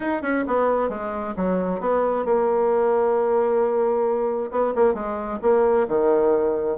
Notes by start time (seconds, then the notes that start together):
0.00 D#4
0.22 C#4
0.47 B3
0.89 G#3
1.36 F#3
1.80 B3
2.25 A#3
4.51 B3
4.75 A#3
4.93 G#3
5.42 A#3
5.88 D#3